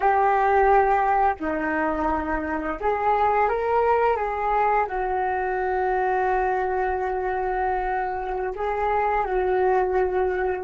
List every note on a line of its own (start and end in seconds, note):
0.00 1.35 G4
1.39 2.79 D#4
2.80 3.49 G#4
3.49 4.16 A#4
4.16 4.86 G#4
4.87 8.53 F#4
8.55 9.24 G#4
9.24 10.63 F#4